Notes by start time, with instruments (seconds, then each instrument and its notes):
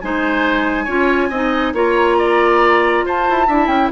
0.00 bassoon G#3, clarinet D#4, oboe C5, flute G#5
0.85 bassoon C#4, clarinet F4, oboe C#5
1.29 bassoon C4, clarinet D#4, oboe D#5
1.73 bassoon A#3, clarinet F4, oboe C#5, flute A#5
2.18 oboe D5
3.05 bassoon F4, oboe C5, flute A5
3.30 bassoon E4
3.47 bassoon D4, clarinet E4, oboe E5
3.67 bassoon C#4, flute G5